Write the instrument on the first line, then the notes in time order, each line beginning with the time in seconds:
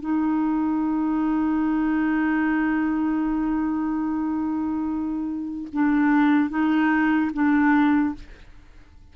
clarinet
0.00 D#4
5.73 D4
6.50 D#4
7.33 D4